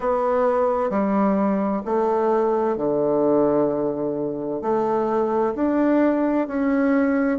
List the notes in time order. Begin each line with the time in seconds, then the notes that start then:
0.00 B3
0.90 G3
1.85 A3
2.77 D3
4.62 A3
5.55 D4
6.47 C#4